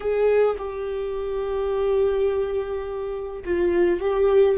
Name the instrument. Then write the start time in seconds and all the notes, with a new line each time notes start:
viola
0.00 G#4
0.58 G4
3.44 F4
4.00 G4